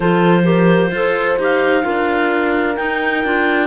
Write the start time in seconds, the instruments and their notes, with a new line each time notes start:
0.00 cello F3, clarinet F4 C5, horn A4
0.43 clarinet G4, horn A#4
0.91 cello F4, clarinet A4, horn C5
1.38 cello D#4, clarinet G4 F5
1.82 cello D4, clarinet F4, horn A#4
2.76 clarinet D#4 G5, cello D#4
3.24 cello D4, clarinet F4